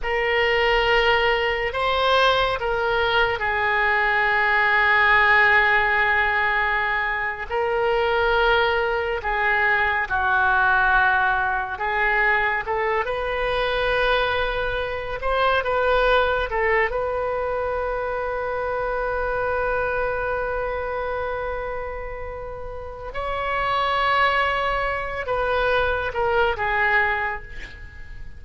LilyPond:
\new Staff \with { instrumentName = "oboe" } { \time 4/4 \tempo 4 = 70 ais'2 c''4 ais'4 | gis'1~ | gis'8. ais'2 gis'4 fis'16~ | fis'4.~ fis'16 gis'4 a'8 b'8.~ |
b'4.~ b'16 c''8 b'4 a'8 b'16~ | b'1~ | b'2. cis''4~ | cis''4. b'4 ais'8 gis'4 | }